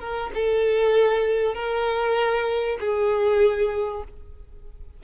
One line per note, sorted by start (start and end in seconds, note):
0.00 0.31 A#4
0.35 1.55 A4
1.55 2.79 A#4
2.80 4.04 G#4